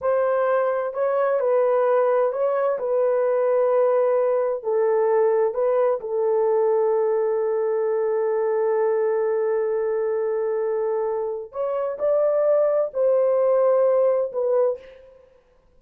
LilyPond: \new Staff \with { instrumentName = "horn" } { \time 4/4 \tempo 4 = 130 c''2 cis''4 b'4~ | b'4 cis''4 b'2~ | b'2 a'2 | b'4 a'2.~ |
a'1~ | a'1~ | a'4 cis''4 d''2 | c''2. b'4 | }